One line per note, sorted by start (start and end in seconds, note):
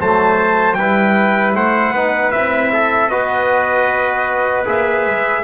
0.00 0.77 F#3
0.00 0.78 A3
0.00 0.78 C5
0.00 0.74 A5
0.74 1.55 G3
0.74 1.96 E4
0.74 1.56 B4
0.74 1.52 G5
1.55 1.91 A3
1.55 1.93 C5
1.55 2.31 F#5
1.91 2.30 B3
1.91 2.34 D#4
1.91 2.71 B4
2.31 3.10 C4
2.31 3.10 E4
2.31 3.09 E5
2.73 3.11 A4
3.09 4.66 B3
3.09 4.65 F#4
3.09 5.44 B4
3.09 4.65 D#5
4.65 5.06 A#3
4.65 5.43 G#4
4.65 5.44 E5
5.06 5.44 G#3